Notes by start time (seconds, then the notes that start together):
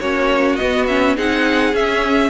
0.00 A#3 C#4 F#4 C#5
0.56 B3 D#5
0.87 C#4 E5
1.16 C4 D#4 G#4 F#5
1.73 C#4 E5